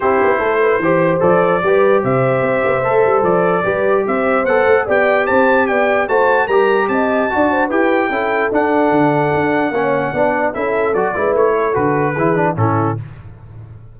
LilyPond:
<<
  \new Staff \with { instrumentName = "trumpet" } { \time 4/4 \tempo 4 = 148 c''2. d''4~ | d''4 e''2. | d''2 e''4 fis''4 | g''4 a''4 g''4 a''4 |
ais''4 a''2 g''4~ | g''4 fis''2.~ | fis''2 e''4 d''4 | cis''4 b'2 a'4 | }
  \new Staff \with { instrumentName = "horn" } { \time 4/4 g'4 a'8 b'8 c''2 | b'4 c''2.~ | c''4 b'4 c''2 | d''4 c''4 d''4 c''4 |
ais'4 dis''4 d''8 c''8 b'4 | a'1 | cis''4 d''4 a'4. b'8~ | b'8 a'4. gis'4 e'4 | }
  \new Staff \with { instrumentName = "trombone" } { \time 4/4 e'2 g'4 a'4 | g'2. a'4~ | a'4 g'2 a'4 | g'2. fis'4 |
g'2 fis'4 g'4 | e'4 d'2. | cis'4 d'4 e'4 fis'8 e'8~ | e'4 fis'4 e'8 d'8 cis'4 | }
  \new Staff \with { instrumentName = "tuba" } { \time 4/4 c'8 b8 a4 e4 f4 | g4 c4 c'8 b8 a8 g8 | f4 g4 c'4 b8 a8 | b4 c'4 b4 a4 |
g4 c'4 d'4 e'4 | cis'4 d'4 d4 d'4 | ais4 b4 cis'4 fis8 gis8 | a4 d4 e4 a,4 | }
>>